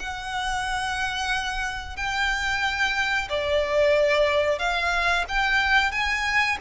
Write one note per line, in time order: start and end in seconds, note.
0.00 1.97 F#5
1.97 3.29 G5
3.30 4.59 D5
4.59 5.25 F5
5.29 5.92 G5
5.92 6.58 G#5